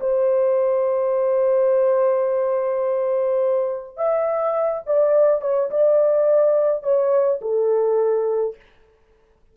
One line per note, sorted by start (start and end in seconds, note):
0.00 3.97 C5
3.97 4.82 E5
4.86 5.42 D5
5.42 5.70 C#5
5.70 6.83 D5
6.83 7.40 C#5
7.41 8.56 A4